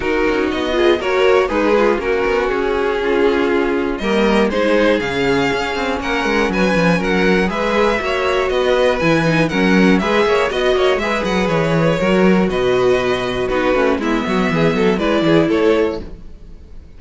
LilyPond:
<<
  \new Staff \with { instrumentName = "violin" } { \time 4/4 \tempo 4 = 120 ais'4 dis''4 cis''4 b'4 | ais'4 gis'2. | dis''4 c''4 f''2 | fis''4 gis''4 fis''4 e''4~ |
e''4 dis''4 gis''4 fis''4 | e''4 dis''4 e''8 fis''8 cis''4~ | cis''4 dis''2 b'4 | e''2 d''4 cis''4 | }
  \new Staff \with { instrumentName = "violin" } { \time 4/4 fis'4. gis'8 ais'4 dis'8 f'8 | fis'2 f'2 | ais'4 gis'2. | ais'4 b'4 ais'4 b'4 |
cis''4 b'2 ais'4 | b'8 cis''8 dis''8 cis''8 b'2 | ais'4 b'2 fis'4 | e'8 fis'8 gis'8 a'8 b'8 gis'8 a'4 | }
  \new Staff \with { instrumentName = "viola" } { \time 4/4 dis'4. f'8 fis'4 gis'4 | cis'1 | ais4 dis'4 cis'2~ | cis'2. gis'4 |
fis'2 e'8 dis'8 cis'4 | gis'4 fis'4 gis'2 | fis'2. dis'8 cis'8 | b2 e'2 | }
  \new Staff \with { instrumentName = "cello" } { \time 4/4 dis'8 cis'8 b4 ais4 gis4 | ais8 b8 cis'2. | g4 gis4 cis4 cis'8 c'8 | ais8 gis8 fis8 f8 fis4 gis4 |
ais4 b4 e4 fis4 | gis8 ais8 b8 ais8 gis8 fis8 e4 | fis4 b,2 b8 a8 | gis8 fis8 e8 fis8 gis8 e8 a4 | }
>>